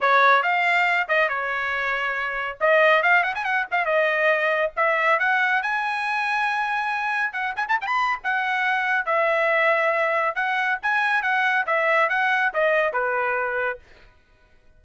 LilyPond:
\new Staff \with { instrumentName = "trumpet" } { \time 4/4 \tempo 4 = 139 cis''4 f''4. dis''8 cis''4~ | cis''2 dis''4 f''8 fis''16 gis''16 | fis''8 f''8 dis''2 e''4 | fis''4 gis''2.~ |
gis''4 fis''8 gis''16 a''16 g''16 b''8. fis''4~ | fis''4 e''2. | fis''4 gis''4 fis''4 e''4 | fis''4 dis''4 b'2 | }